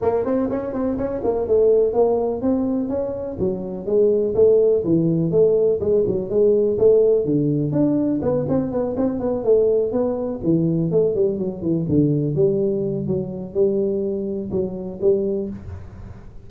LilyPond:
\new Staff \with { instrumentName = "tuba" } { \time 4/4 \tempo 4 = 124 ais8 c'8 cis'8 c'8 cis'8 ais8 a4 | ais4 c'4 cis'4 fis4 | gis4 a4 e4 a4 | gis8 fis8 gis4 a4 d4 |
d'4 b8 c'8 b8 c'8 b8 a8~ | a8 b4 e4 a8 g8 fis8 | e8 d4 g4. fis4 | g2 fis4 g4 | }